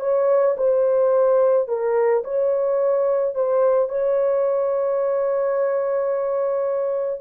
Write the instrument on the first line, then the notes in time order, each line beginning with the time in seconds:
horn
0.00 C#5
0.57 C5
1.68 A#4
2.24 C#5
3.34 C5
3.88 C#5